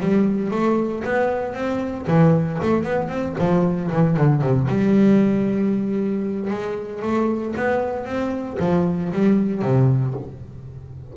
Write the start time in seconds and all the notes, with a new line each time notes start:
0.00 G3
0.51 A3
1.04 B3
1.54 C4
2.07 E3
2.62 A3
2.83 B3
3.09 C4
3.39 F3
3.91 E3
4.17 D3
4.42 C3
4.68 G3
6.50 G#3
7.02 A3
7.56 B3
8.05 C4
8.60 F3
9.12 G3
9.62 C3